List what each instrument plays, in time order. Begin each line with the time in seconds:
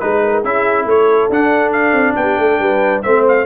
0.00 tuba G#3, trombone D#4, trumpet B4, horn B4
0.24 horn A#4
0.44 tuba C#4, trombone E4, horn G#4, trumpet E5
0.85 tuba A3, horn A4, trumpet C#5
1.29 tuba D4, trombone D4, trumpet F#5
1.72 trumpet F5
1.93 tuba C4
2.16 tuba B3, horn G4, trumpet G5
2.38 tuba A3, horn A4
2.60 tuba G3, horn B4
3.02 tuba A3, trombone C4, horn C5, trumpet E5
3.28 trumpet F5